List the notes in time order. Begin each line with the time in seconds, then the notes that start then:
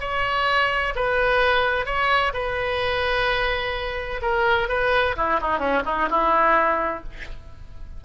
0.00 C#5
0.95 B4
1.86 C#5
2.33 B4
4.22 A#4
4.69 B4
5.16 E4
5.42 D#4
5.59 C#4
5.86 D#4
6.10 E4